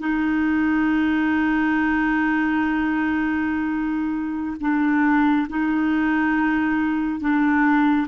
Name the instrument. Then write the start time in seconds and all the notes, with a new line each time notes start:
clarinet
0.00 D#4
4.60 D4
5.49 D#4
7.21 D4